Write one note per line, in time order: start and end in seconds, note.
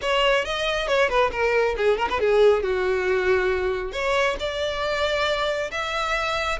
0.01 0.45 C#5
0.45 0.87 D#5
0.87 1.09 C#5
1.09 1.31 B4
1.31 1.75 A#4
1.76 1.97 G#4
1.97 2.08 A#4
2.09 2.20 B4
2.20 2.62 G#4
2.62 3.92 F#4
3.92 4.36 C#5
4.39 5.71 D5
5.71 6.58 E5